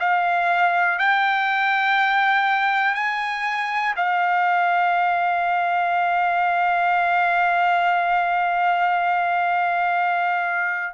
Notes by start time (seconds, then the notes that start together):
0.00 F5
0.99 G5
2.95 G#5
3.96 F5